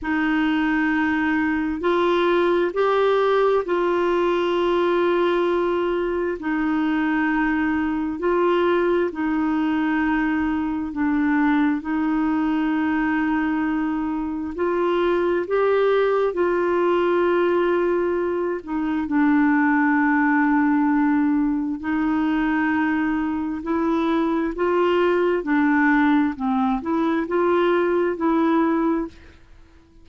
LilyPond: \new Staff \with { instrumentName = "clarinet" } { \time 4/4 \tempo 4 = 66 dis'2 f'4 g'4 | f'2. dis'4~ | dis'4 f'4 dis'2 | d'4 dis'2. |
f'4 g'4 f'2~ | f'8 dis'8 d'2. | dis'2 e'4 f'4 | d'4 c'8 e'8 f'4 e'4 | }